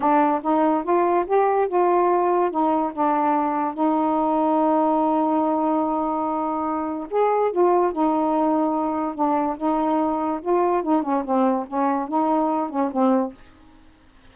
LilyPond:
\new Staff \with { instrumentName = "saxophone" } { \time 4/4 \tempo 4 = 144 d'4 dis'4 f'4 g'4 | f'2 dis'4 d'4~ | d'4 dis'2.~ | dis'1~ |
dis'4 gis'4 f'4 dis'4~ | dis'2 d'4 dis'4~ | dis'4 f'4 dis'8 cis'8 c'4 | cis'4 dis'4. cis'8 c'4 | }